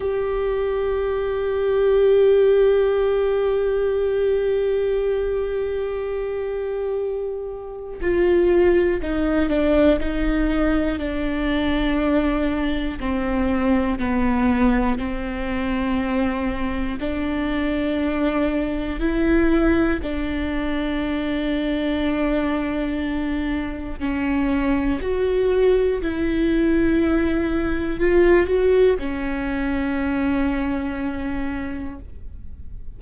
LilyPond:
\new Staff \with { instrumentName = "viola" } { \time 4/4 \tempo 4 = 60 g'1~ | g'1 | f'4 dis'8 d'8 dis'4 d'4~ | d'4 c'4 b4 c'4~ |
c'4 d'2 e'4 | d'1 | cis'4 fis'4 e'2 | f'8 fis'8 cis'2. | }